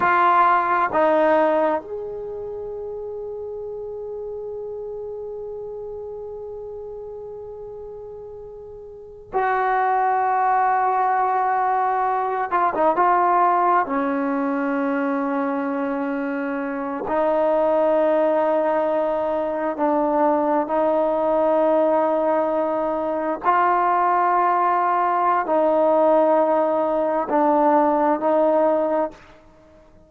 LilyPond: \new Staff \with { instrumentName = "trombone" } { \time 4/4 \tempo 4 = 66 f'4 dis'4 gis'2~ | gis'1~ | gis'2~ gis'16 fis'4.~ fis'16~ | fis'4.~ fis'16 f'16 dis'16 f'4 cis'8.~ |
cis'2~ cis'8. dis'4~ dis'16~ | dis'4.~ dis'16 d'4 dis'4~ dis'16~ | dis'4.~ dis'16 f'2~ f'16 | dis'2 d'4 dis'4 | }